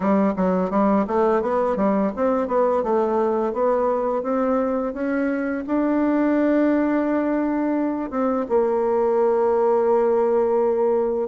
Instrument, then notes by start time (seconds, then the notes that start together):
bassoon
0.00 G3
0.36 F#3
0.70 G3
1.07 A3
1.42 B3
1.76 G3
2.16 C4
2.47 B3
2.83 A3
3.53 B3
4.23 C4
4.93 C#4
5.67 D4
8.10 C4
8.48 A#3